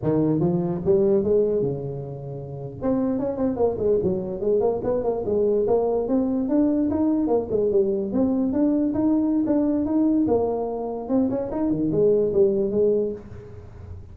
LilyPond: \new Staff \with { instrumentName = "tuba" } { \time 4/4 \tempo 4 = 146 dis4 f4 g4 gis4 | cis2~ cis8. c'4 cis'16~ | cis'16 c'8 ais8 gis8 fis4 gis8 ais8 b16~ | b16 ais8 gis4 ais4 c'4 d'16~ |
d'8. dis'4 ais8 gis8 g4 c'16~ | c'8. d'4 dis'4~ dis'16 d'4 | dis'4 ais2 c'8 cis'8 | dis'8 dis8 gis4 g4 gis4 | }